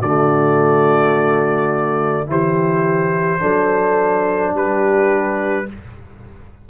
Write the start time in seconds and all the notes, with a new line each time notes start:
0.00 D3 A3 F#4 D5
2.26 E3 E4 G4 C5
3.39 F#3 D4 A4
4.54 G3 G4 B4